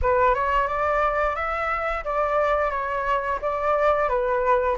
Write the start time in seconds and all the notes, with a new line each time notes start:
0.02 B4
0.34 C#5
0.67 D5
1.35 E5
2.04 D5
2.71 C#5
3.41 D5
4.08 B4